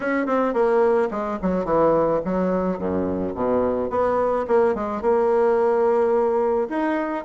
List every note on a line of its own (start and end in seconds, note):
0.00 0.26 C#4
0.26 0.53 C4
0.53 1.09 A#3
1.10 1.38 G#3
1.42 1.65 F#3
1.65 2.20 E3
2.24 2.78 F#3
2.78 3.34 F#2
3.34 3.90 B2
3.90 4.45 B3
4.47 4.74 A#3
4.74 5.01 G#3
5.01 6.68 A#3
6.69 7.24 D#4